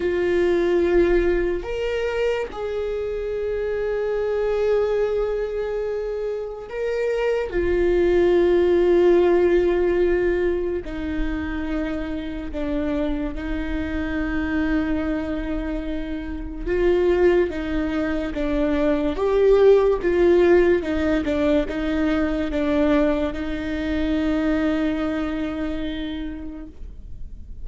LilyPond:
\new Staff \with { instrumentName = "viola" } { \time 4/4 \tempo 4 = 72 f'2 ais'4 gis'4~ | gis'1 | ais'4 f'2.~ | f'4 dis'2 d'4 |
dis'1 | f'4 dis'4 d'4 g'4 | f'4 dis'8 d'8 dis'4 d'4 | dis'1 | }